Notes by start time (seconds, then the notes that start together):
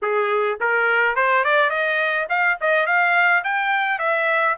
0.02 G#4
0.60 A#4
1.15 C5
1.44 D5
1.70 D#5
2.29 F5
2.60 D#5
2.86 F5
3.44 G5
3.98 E5